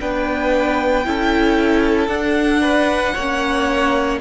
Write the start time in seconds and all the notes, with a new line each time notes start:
0.00 B3 D4 B4 G5
1.05 C#4 E4 A4
2.07 D4 F#5
2.61 B4
3.14 A#3 C#4 C#5